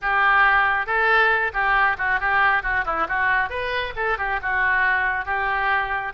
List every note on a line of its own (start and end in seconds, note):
0.01 0.86 G4
0.86 1.51 A4
1.53 1.96 G4
1.98 2.20 F#4
2.20 2.62 G4
2.62 2.84 F#4
2.85 3.07 E4
3.08 3.49 F#4
3.49 3.93 B4
3.96 4.18 A4
4.18 4.40 G4
4.42 5.25 F#4
5.25 6.13 G4